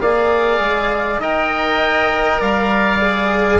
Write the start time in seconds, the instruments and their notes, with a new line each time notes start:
0.00 bassoon A#3, cello G#4, trumpet D5, oboe F5
0.60 bassoon G#3
1.19 bassoon D#4, cello A#4, trumpet D#5, oboe G5
2.40 bassoon G3, trumpet D5, oboe F5
3.02 cello G#4